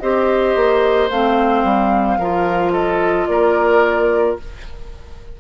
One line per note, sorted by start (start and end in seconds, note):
0.00 0.56 C4
0.00 1.11 G4
0.00 2.19 C5
0.00 1.09 D#5
0.56 1.10 A#3
1.10 1.64 A3
1.10 2.20 C4
1.10 2.73 F5
1.64 2.18 G3
2.18 3.27 F3
2.18 4.40 F4
2.18 2.73 A#4
2.73 3.27 A4
2.73 3.27 D#5
3.27 4.37 A#3
3.27 4.40 A#4
3.27 4.37 D5